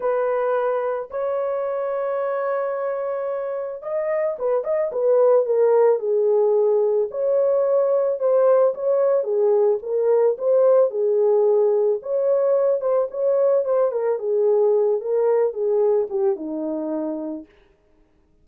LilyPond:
\new Staff \with { instrumentName = "horn" } { \time 4/4 \tempo 4 = 110 b'2 cis''2~ | cis''2. dis''4 | b'8 dis''8 b'4 ais'4 gis'4~ | gis'4 cis''2 c''4 |
cis''4 gis'4 ais'4 c''4 | gis'2 cis''4. c''8 | cis''4 c''8 ais'8 gis'4. ais'8~ | ais'8 gis'4 g'8 dis'2 | }